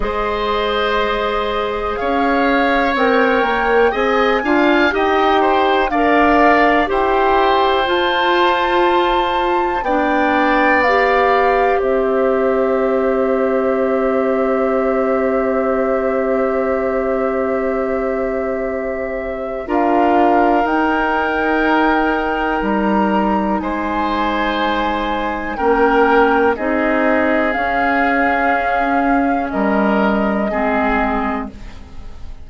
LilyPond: <<
  \new Staff \with { instrumentName = "flute" } { \time 4/4 \tempo 4 = 61 dis''2 f''4 g''4 | gis''4 g''4 f''4 g''4 | a''2 g''4 f''4 | e''1~ |
e''1 | f''4 g''2 ais''4 | gis''2 g''4 dis''4 | f''2 dis''2 | }
  \new Staff \with { instrumentName = "oboe" } { \time 4/4 c''2 cis''2 | dis''8 f''8 dis''8 c''8 d''4 c''4~ | c''2 d''2 | c''1~ |
c''1 | ais'1 | c''2 ais'4 gis'4~ | gis'2 ais'4 gis'4 | }
  \new Staff \with { instrumentName = "clarinet" } { \time 4/4 gis'2. ais'4 | gis'8 f'8 g'4 ais'4 g'4 | f'2 d'4 g'4~ | g'1~ |
g'1 | f'4 dis'2.~ | dis'2 cis'4 dis'4 | cis'2. c'4 | }
  \new Staff \with { instrumentName = "bassoon" } { \time 4/4 gis2 cis'4 c'8 ais8 | c'8 d'8 dis'4 d'4 e'4 | f'2 b2 | c'1~ |
c'1 | d'4 dis'2 g4 | gis2 ais4 c'4 | cis'2 g4 gis4 | }
>>